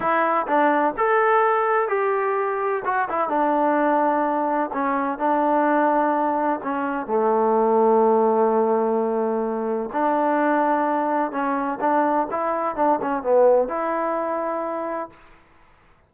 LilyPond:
\new Staff \with { instrumentName = "trombone" } { \time 4/4 \tempo 4 = 127 e'4 d'4 a'2 | g'2 fis'8 e'8 d'4~ | d'2 cis'4 d'4~ | d'2 cis'4 a4~ |
a1~ | a4 d'2. | cis'4 d'4 e'4 d'8 cis'8 | b4 e'2. | }